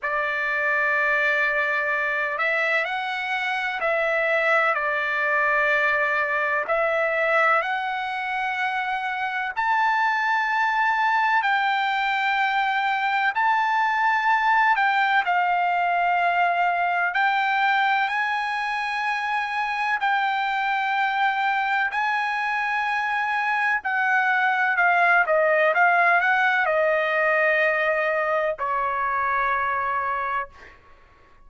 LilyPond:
\new Staff \with { instrumentName = "trumpet" } { \time 4/4 \tempo 4 = 63 d''2~ d''8 e''8 fis''4 | e''4 d''2 e''4 | fis''2 a''2 | g''2 a''4. g''8 |
f''2 g''4 gis''4~ | gis''4 g''2 gis''4~ | gis''4 fis''4 f''8 dis''8 f''8 fis''8 | dis''2 cis''2 | }